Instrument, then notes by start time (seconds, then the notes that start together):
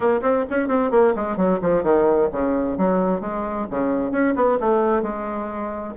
bassoon
0.00 A#3
0.22 C4
0.50 C#4
0.68 C4
0.91 A#3
1.15 G#3
1.36 F#3
1.61 F3
1.83 D#3
2.32 C#3
2.77 F#3
3.20 G#3
3.70 C#3
4.11 C#4
4.35 B3
4.60 A3
5.02 G#3